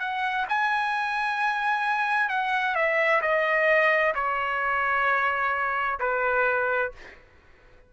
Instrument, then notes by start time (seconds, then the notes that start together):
trumpet
0.00 F#5
0.49 G#5
2.29 F#5
2.75 E5
3.22 D#5
4.15 C#5
6.00 B4